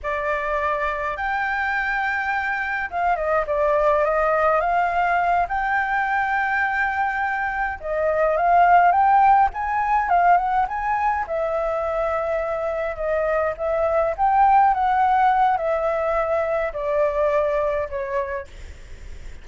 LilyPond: \new Staff \with { instrumentName = "flute" } { \time 4/4 \tempo 4 = 104 d''2 g''2~ | g''4 f''8 dis''8 d''4 dis''4 | f''4. g''2~ g''8~ | g''4. dis''4 f''4 g''8~ |
g''8 gis''4 f''8 fis''8 gis''4 e''8~ | e''2~ e''8 dis''4 e''8~ | e''8 g''4 fis''4. e''4~ | e''4 d''2 cis''4 | }